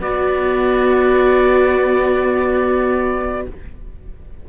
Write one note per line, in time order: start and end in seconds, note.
0.00 3.46 B3
0.00 3.50 B3
0.00 3.48 F#4
0.00 3.48 D5